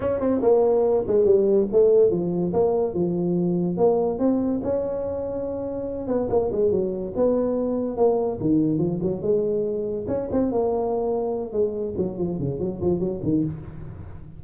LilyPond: \new Staff \with { instrumentName = "tuba" } { \time 4/4 \tempo 4 = 143 cis'8 c'8 ais4. gis8 g4 | a4 f4 ais4 f4~ | f4 ais4 c'4 cis'4~ | cis'2~ cis'8 b8 ais8 gis8 |
fis4 b2 ais4 | dis4 f8 fis8 gis2 | cis'8 c'8 ais2~ ais8 gis8~ | gis8 fis8 f8 cis8 fis8 f8 fis8 dis8 | }